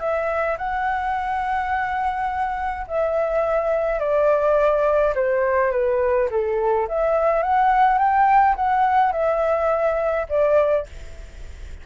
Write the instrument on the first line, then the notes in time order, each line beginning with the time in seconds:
flute
0.00 E5
0.58 F#5
2.88 E5
3.99 D5
5.15 C5
5.71 B4
6.30 A4
6.88 E5
7.43 F#5
7.98 G5
8.56 F#5
9.12 E5
10.29 D5